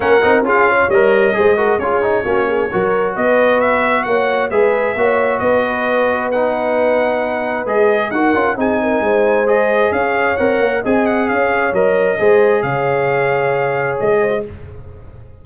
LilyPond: <<
  \new Staff \with { instrumentName = "trumpet" } { \time 4/4 \tempo 4 = 133 fis''4 f''4 dis''2 | cis''2. dis''4 | e''4 fis''4 e''2 | dis''2 fis''2~ |
fis''4 dis''4 fis''4 gis''4~ | gis''4 dis''4 f''4 fis''4 | gis''8 fis''8 f''4 dis''2 | f''2. dis''4 | }
  \new Staff \with { instrumentName = "horn" } { \time 4/4 ais'4 gis'8 cis''4. c''8 ais'8 | gis'4 fis'8 gis'8 ais'4 b'4~ | b'4 cis''4 b'4 cis''4 | b'1~ |
b'2 ais'4 gis'8 ais'8 | c''2 cis''2 | dis''4 cis''2 c''4 | cis''2.~ cis''8 c''8 | }
  \new Staff \with { instrumentName = "trombone" } { \time 4/4 cis'8 dis'8 f'4 ais'4 gis'8 fis'8 | f'8 dis'8 cis'4 fis'2~ | fis'2 gis'4 fis'4~ | fis'2 dis'2~ |
dis'4 gis'4 fis'8 f'8 dis'4~ | dis'4 gis'2 ais'4 | gis'2 ais'4 gis'4~ | gis'2.~ gis'8. fis'16 | }
  \new Staff \with { instrumentName = "tuba" } { \time 4/4 ais8 c'8 cis'4 g4 gis4 | cis'4 ais4 fis4 b4~ | b4 ais4 gis4 ais4 | b1~ |
b4 gis4 dis'8 cis'8 c'4 | gis2 cis'4 c'8 ais8 | c'4 cis'4 fis4 gis4 | cis2. gis4 | }
>>